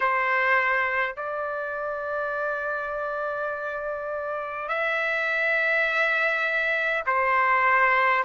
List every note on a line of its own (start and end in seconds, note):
0.00 1.16 C5
1.16 4.68 D5
4.68 7.03 E5
7.06 8.24 C5